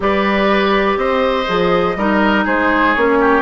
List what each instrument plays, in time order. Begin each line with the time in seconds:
0.00 bassoon G3, clarinet G4, oboe B4, flute D5
0.96 bassoon C4, oboe C5, flute D#5
1.46 bassoon F3, clarinet G#4
1.96 bassoon G3, clarinet D#4, oboe A#4
2.44 bassoon G#3, oboe G#4, flute C5
2.94 bassoon A#3, clarinet C#4, flute C#5
3.19 oboe G4